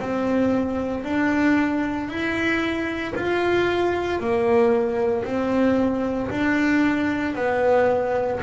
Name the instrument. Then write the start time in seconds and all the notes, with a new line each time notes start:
double bass
0.00 C4
1.04 D4
2.09 E4
3.15 F4
4.20 A#3
5.24 C4
6.30 D4
7.35 B3